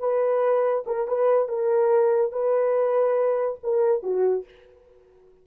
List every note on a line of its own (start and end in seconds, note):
0.00 0.85 B4
0.87 1.08 A#4
1.08 1.49 B4
1.49 2.32 A#4
2.32 3.59 B4
3.63 4.03 A#4
4.03 4.45 F#4